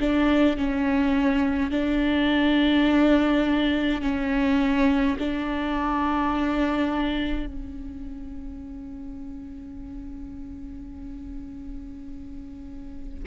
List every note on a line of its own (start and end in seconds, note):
0.00 0.57 D4
0.57 1.72 C#4
1.72 4.02 D4
4.02 5.18 C#4
5.19 7.47 D4
7.47 13.24 C#4